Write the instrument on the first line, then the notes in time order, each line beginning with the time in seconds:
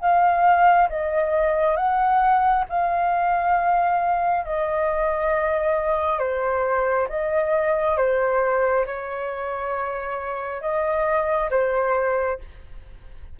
flute
0.00 F5
0.89 D#5
1.76 F#5
2.69 F5
4.45 D#5
6.19 C5
7.09 D#5
7.97 C5
8.86 C#5
10.61 D#5
11.50 C5